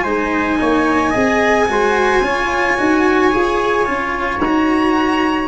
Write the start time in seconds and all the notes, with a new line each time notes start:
0.00 G#3 D#4 C5 G#5
0.60 A#3 C#5
1.10 C4 G#4 D#5
1.67 G#3 F#4 C5
2.20 C#4 F4 C#5
2.77 D#4 F#4
3.31 F4 G#4
3.85 C#4 F4
4.40 D#4 F#4 A#5